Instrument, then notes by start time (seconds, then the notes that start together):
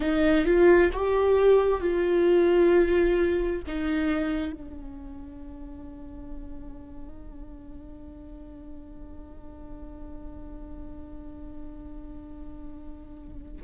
viola
0.00 D#4
0.45 F4
0.92 G4
1.80 F4
3.67 D#4
4.52 D4